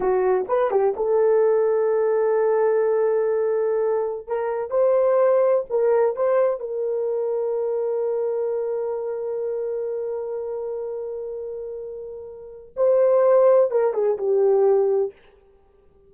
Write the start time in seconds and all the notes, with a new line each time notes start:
0.00 F#4
0.47 B4
0.70 G4
0.96 A4
4.27 A#4
4.70 C5
5.69 A#4
6.15 C5
6.59 A#4
12.76 C5
13.71 A#4
13.93 G#4
14.17 G4